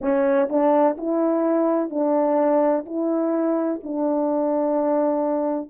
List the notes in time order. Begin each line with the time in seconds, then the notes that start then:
0.01 C#4
0.49 D4
0.97 E4
1.90 D4
2.85 E4
3.83 D4